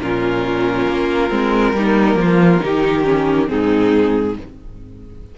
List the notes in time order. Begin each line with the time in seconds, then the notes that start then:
0.00 A#2 C#4 F4 A#4
0.88 A#3
1.30 G#3 C4
1.73 G3 A#3 D#4
2.15 F3 F4
2.60 D#3 D#4 G4
3.04 C#4
3.47 G#2 C4 D#4 G#4